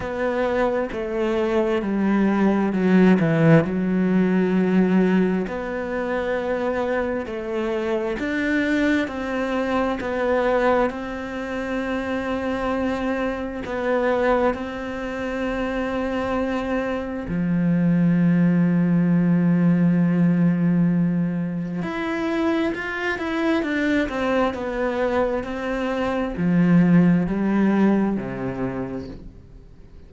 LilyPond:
\new Staff \with { instrumentName = "cello" } { \time 4/4 \tempo 4 = 66 b4 a4 g4 fis8 e8 | fis2 b2 | a4 d'4 c'4 b4 | c'2. b4 |
c'2. f4~ | f1 | e'4 f'8 e'8 d'8 c'8 b4 | c'4 f4 g4 c4 | }